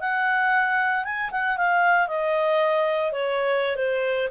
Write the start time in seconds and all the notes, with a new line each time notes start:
0.00 F#5
1.04 G#5
1.31 F#5
1.57 F5
2.07 D#5
3.12 C#5
3.76 C5